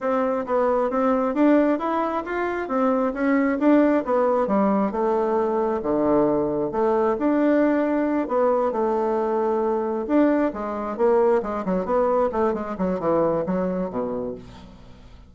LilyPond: \new Staff \with { instrumentName = "bassoon" } { \time 4/4 \tempo 4 = 134 c'4 b4 c'4 d'4 | e'4 f'4 c'4 cis'4 | d'4 b4 g4 a4~ | a4 d2 a4 |
d'2~ d'8 b4 a8~ | a2~ a8 d'4 gis8~ | gis8 ais4 gis8 fis8 b4 a8 | gis8 fis8 e4 fis4 b,4 | }